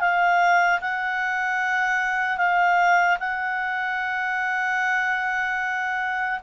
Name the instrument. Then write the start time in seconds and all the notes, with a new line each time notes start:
clarinet
0.00 F5
0.81 F#5
2.37 F5
3.20 F#5